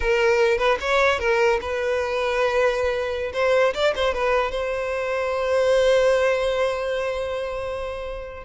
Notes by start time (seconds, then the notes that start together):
0.00 A#4
0.58 B4
0.80 C#5
1.19 A#4
1.61 B4
3.33 C5
3.74 D5
3.95 C5
4.14 B4
4.51 C5